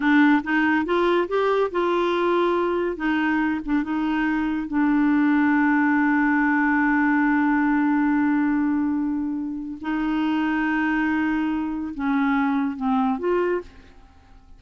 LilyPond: \new Staff \with { instrumentName = "clarinet" } { \time 4/4 \tempo 4 = 141 d'4 dis'4 f'4 g'4 | f'2. dis'4~ | dis'8 d'8 dis'2 d'4~ | d'1~ |
d'1~ | d'2. dis'4~ | dis'1 | cis'2 c'4 f'4 | }